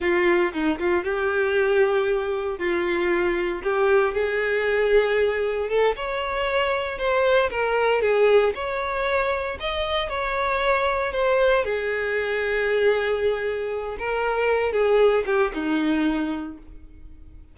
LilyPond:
\new Staff \with { instrumentName = "violin" } { \time 4/4 \tempo 4 = 116 f'4 dis'8 f'8 g'2~ | g'4 f'2 g'4 | gis'2. a'8 cis''8~ | cis''4. c''4 ais'4 gis'8~ |
gis'8 cis''2 dis''4 cis''8~ | cis''4. c''4 gis'4.~ | gis'2. ais'4~ | ais'8 gis'4 g'8 dis'2 | }